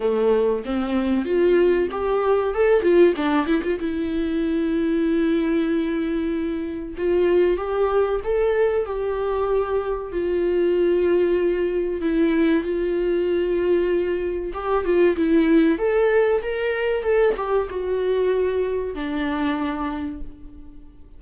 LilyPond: \new Staff \with { instrumentName = "viola" } { \time 4/4 \tempo 4 = 95 a4 c'4 f'4 g'4 | a'8 f'8 d'8 e'16 f'16 e'2~ | e'2. f'4 | g'4 a'4 g'2 |
f'2. e'4 | f'2. g'8 f'8 | e'4 a'4 ais'4 a'8 g'8 | fis'2 d'2 | }